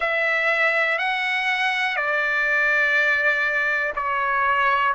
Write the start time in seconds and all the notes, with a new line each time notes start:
0.00 E5
0.98 F#5
1.96 D5
3.95 C#5